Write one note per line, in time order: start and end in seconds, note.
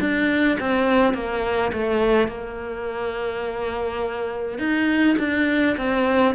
0.00 0.58 D4
0.60 1.14 C4
1.14 1.72 A#3
1.73 2.28 A3
2.28 4.58 A#3
4.58 5.16 D#4
5.19 5.76 D4
5.77 6.35 C4